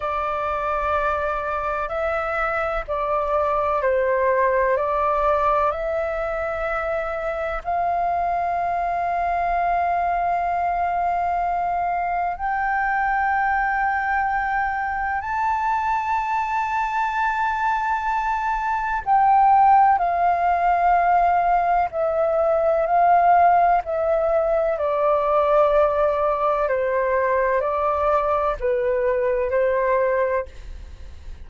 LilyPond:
\new Staff \with { instrumentName = "flute" } { \time 4/4 \tempo 4 = 63 d''2 e''4 d''4 | c''4 d''4 e''2 | f''1~ | f''4 g''2. |
a''1 | g''4 f''2 e''4 | f''4 e''4 d''2 | c''4 d''4 b'4 c''4 | }